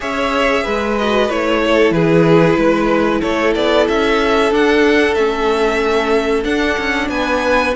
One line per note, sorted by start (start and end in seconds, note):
0.00 0.66 C#4
0.00 0.97 G#4
0.00 0.63 C#5
0.00 0.98 E5
0.63 1.29 G#3
0.63 1.60 B4
0.98 1.30 F#4
0.98 1.30 D#5
1.29 1.91 A3
1.29 4.51 E4
1.29 1.92 C#5
1.64 1.94 A4
1.91 2.55 E3
1.91 2.59 G#4
1.91 3.21 B4
2.57 3.21 G#3
2.57 3.21 B4
3.21 3.55 A3
3.21 7.08 A4
3.21 3.53 C#5
3.54 3.87 B3
3.54 3.87 D5
3.88 4.51 C#4
3.88 4.52 E5
4.51 5.15 D4
4.51 5.14 F#5
5.14 6.44 A3
5.14 6.43 C#4
5.14 6.43 E5
6.43 7.72 D4
6.43 6.77 D4
6.43 7.08 F#5
6.77 7.08 C#4
7.08 7.73 B3
7.08 7.75 B4
7.08 7.74 G#5